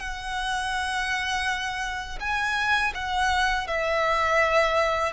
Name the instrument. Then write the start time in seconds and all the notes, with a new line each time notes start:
violin
0.00 F#5
2.20 G#5
2.95 F#5
3.68 E5